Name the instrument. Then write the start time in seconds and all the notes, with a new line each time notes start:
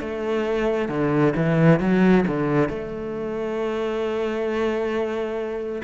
cello
0.00 A3
0.88 D3
1.36 E3
1.80 F#3
2.27 D3
2.69 A3